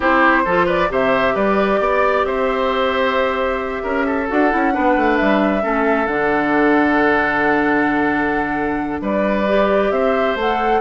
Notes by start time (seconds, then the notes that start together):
0.00 C4 E4 G4 C5
0.44 F3 F4 A4
0.66 B4 D5
0.89 C3 G4 C5 E5
1.34 G3 B4 D5
1.79 B3 D5
2.24 C4 C5 E5
3.83 C#4 A#4
4.06 A4
4.28 D4 F#4 F#5
4.50 C#4 E4
4.72 B3 D4 B4
4.96 A3
5.16 G3 E5
5.61 A3 C#4 A4
6.06 D3 D4 F#5
9.01 G3 B4 D5
9.48 G4
9.90 C4 C5 E5
10.35 A3 A4 F#5